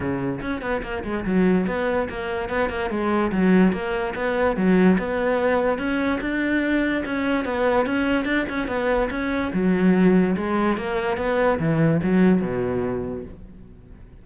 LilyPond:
\new Staff \with { instrumentName = "cello" } { \time 4/4 \tempo 4 = 145 cis4 cis'8 b8 ais8 gis8 fis4 | b4 ais4 b8 ais8 gis4 | fis4 ais4 b4 fis4 | b2 cis'4 d'4~ |
d'4 cis'4 b4 cis'4 | d'8 cis'8 b4 cis'4 fis4~ | fis4 gis4 ais4 b4 | e4 fis4 b,2 | }